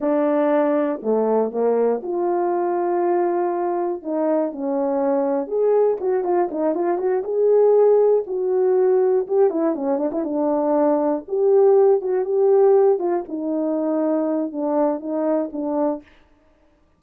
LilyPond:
\new Staff \with { instrumentName = "horn" } { \time 4/4 \tempo 4 = 120 d'2 a4 ais4 | f'1 | dis'4 cis'2 gis'4 | fis'8 f'8 dis'8 f'8 fis'8 gis'4.~ |
gis'8 fis'2 g'8 e'8 cis'8 | d'16 e'16 d'2 g'4. | fis'8 g'4. f'8 dis'4.~ | dis'4 d'4 dis'4 d'4 | }